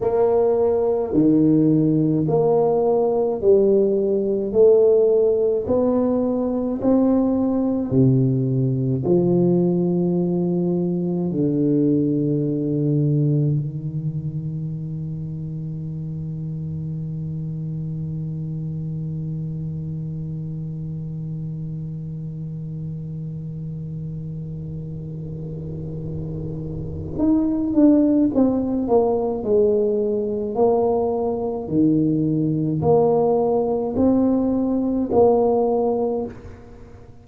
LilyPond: \new Staff \with { instrumentName = "tuba" } { \time 4/4 \tempo 4 = 53 ais4 dis4 ais4 g4 | a4 b4 c'4 c4 | f2 d2 | dis1~ |
dis1~ | dis1 | dis'8 d'8 c'8 ais8 gis4 ais4 | dis4 ais4 c'4 ais4 | }